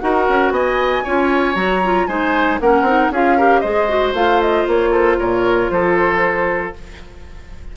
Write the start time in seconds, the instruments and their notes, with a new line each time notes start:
0.00 bassoon D#4, clarinet F#4, oboe A#4, flute F#5
0.29 bassoon C#4
0.51 bassoon B3, oboe D#5, flute G#5
1.04 bassoon C#4, clarinet F4, oboe C#5
1.55 bassoon F#3, clarinet F#4, flute A#5
1.84 clarinet F4
2.07 bassoon G#3, clarinet D#4, oboe C5, flute G#5
2.61 bassoon A#3, clarinet C#4, oboe A#4, flute F#5
2.82 bassoon C4, clarinet D#4
3.11 bassoon C#4, clarinet F4, oboe G#4, flute F5
3.37 clarinet G4, oboe A#4
3.60 bassoon G#3, clarinet G#4, oboe C5, flute D#5
3.89 clarinet F#4
4.13 bassoon A3, clarinet F4, flute F5
4.42 flute D#5
4.67 bassoon A#3, flute C#5
4.91 oboe A4, flute C5
5.19 bassoon A#2, oboe A#4, flute C#5
5.70 bassoon F3, oboe A4, flute C5